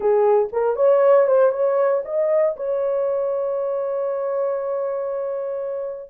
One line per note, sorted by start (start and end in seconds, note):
0.00 0.48 G#4
0.52 0.75 A#4
0.75 1.26 C#5
1.26 1.51 C5
1.51 2.02 C#5
2.04 2.55 D#5
2.56 6.09 C#5